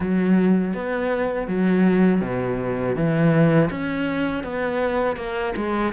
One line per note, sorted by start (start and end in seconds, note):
0.00 0.73 F#3
0.73 1.47 B3
1.47 2.21 F#3
2.21 2.95 B2
2.95 3.69 E3
3.70 4.43 C#4
4.43 5.16 B3
5.16 5.53 A#3
5.56 5.93 G#3